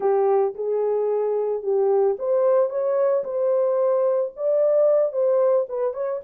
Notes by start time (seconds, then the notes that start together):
0.00 G4
0.55 G#4
1.62 G4
2.18 C5
2.69 C#5
3.24 C5
4.36 D5
5.12 C5
5.69 B4
5.93 C#5